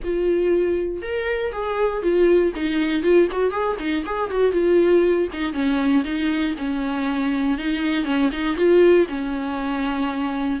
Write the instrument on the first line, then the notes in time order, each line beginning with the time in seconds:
viola
0.04 F4
1.02 A#4
1.52 G#4
2.02 F4
2.55 D#4
3.03 F4
3.31 F#4
3.51 G#4
3.79 D#4
4.05 G#4
4.30 F#4
4.52 F4
5.32 D#4
5.53 C#4
6.04 D#4
6.58 C#4
7.57 D#4
8.04 C#4
8.32 D#4
8.56 F4
9.08 C#4